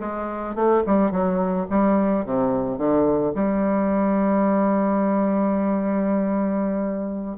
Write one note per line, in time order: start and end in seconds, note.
0.00 0.55 G#3
0.55 0.83 A3
0.86 1.11 G3
1.11 1.67 F#3
1.70 2.25 G3
2.25 2.78 C3
2.78 3.33 D3
3.35 7.38 G3